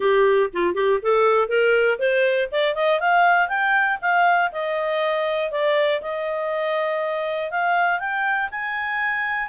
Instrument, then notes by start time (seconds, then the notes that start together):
clarinet
0.00 G4
0.53 F4
0.74 G4
1.02 A4
1.48 A#4
1.98 C5
2.51 D5
2.75 D#5
3.00 F5
3.48 G5
4.01 F5
4.52 D#5
5.51 D5
6.01 D#5
7.50 F5
7.99 G5
8.50 G#5